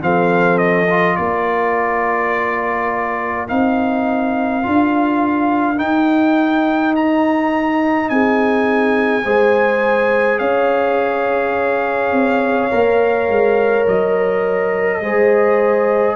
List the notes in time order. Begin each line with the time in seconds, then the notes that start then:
0.00 F3 C4 A4 F5
0.58 D#5
0.89 F4
1.16 A#3 A#4 D5
3.48 C4 D#4 F5
4.63 D4 F4
5.76 D#4 G5
6.95 A#5
8.09 C4 G#4 G#5
9.25 G#3 G#4 C5
10.39 C#4 C#5 F5
12.12 C4
12.71 A#3 A#4
13.28 G#3
13.87 F#3 D#5
15.00 G#3 G#4 C5